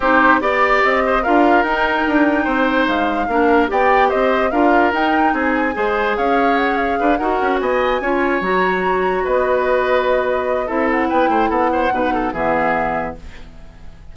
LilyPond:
<<
  \new Staff \with { instrumentName = "flute" } { \time 4/4 \tempo 4 = 146 c''4 d''4 dis''4 f''4 | g''2. f''4~ | f''4 g''4 dis''4 f''4 | g''4 gis''2 f''4 |
fis''8 f''4 fis''4 gis''4.~ | gis''8 ais''2 dis''4.~ | dis''2 e''8 fis''8 g''4 | fis''2 e''2 | }
  \new Staff \with { instrumentName = "oboe" } { \time 4/4 g'4 d''4. c''8 ais'4~ | ais'2 c''2 | ais'4 d''4 c''4 ais'4~ | ais'4 gis'4 c''4 cis''4~ |
cis''4 b'8 ais'4 dis''4 cis''8~ | cis''2~ cis''8 b'4.~ | b'2 a'4 b'8 c''8 | a'8 c''8 b'8 a'8 gis'2 | }
  \new Staff \with { instrumentName = "clarinet" } { \time 4/4 dis'4 g'2 f'4 | dis'1 | d'4 g'2 f'4 | dis'2 gis'2~ |
gis'4. fis'2 f'8~ | f'8 fis'2.~ fis'8~ | fis'2 e'2~ | e'4 dis'4 b2 | }
  \new Staff \with { instrumentName = "bassoon" } { \time 4/4 c'4 b4 c'4 d'4 | dis'4 d'4 c'4 gis4 | ais4 b4 c'4 d'4 | dis'4 c'4 gis4 cis'4~ |
cis'4 d'8 dis'8 cis'8 b4 cis'8~ | cis'8 fis2 b4.~ | b2 c'4 b8 a8 | b4 b,4 e2 | }
>>